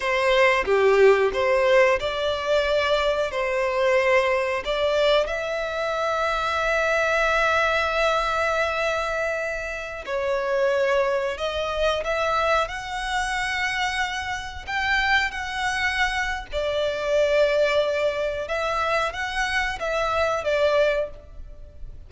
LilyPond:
\new Staff \with { instrumentName = "violin" } { \time 4/4 \tempo 4 = 91 c''4 g'4 c''4 d''4~ | d''4 c''2 d''4 | e''1~ | e''2.~ e''16 cis''8.~ |
cis''4~ cis''16 dis''4 e''4 fis''8.~ | fis''2~ fis''16 g''4 fis''8.~ | fis''4 d''2. | e''4 fis''4 e''4 d''4 | }